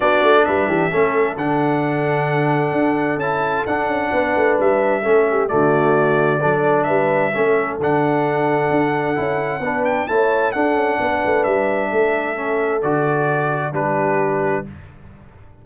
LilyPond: <<
  \new Staff \with { instrumentName = "trumpet" } { \time 4/4 \tempo 4 = 131 d''4 e''2 fis''4~ | fis''2. a''4 | fis''2 e''2 | d''2. e''4~ |
e''4 fis''2.~ | fis''4. g''8 a''4 fis''4~ | fis''4 e''2. | d''2 b'2 | }
  \new Staff \with { instrumentName = "horn" } { \time 4/4 fis'4 b'8 g'8 a'2~ | a'1~ | a'4 b'2 a'8 g'8 | fis'2 a'4 b'4 |
a'1~ | a'4 b'4 cis''4 a'4 | b'2 a'2~ | a'2 g'2 | }
  \new Staff \with { instrumentName = "trombone" } { \time 4/4 d'2 cis'4 d'4~ | d'2. e'4 | d'2. cis'4 | a2 d'2 |
cis'4 d'2. | e'4 d'4 e'4 d'4~ | d'2. cis'4 | fis'2 d'2 | }
  \new Staff \with { instrumentName = "tuba" } { \time 4/4 b8 a8 g8 e8 a4 d4~ | d2 d'4 cis'4 | d'8 cis'8 b8 a8 g4 a4 | d2 fis4 g4 |
a4 d2 d'4 | cis'4 b4 a4 d'8 cis'8 | b8 a8 g4 a2 | d2 g2 | }
>>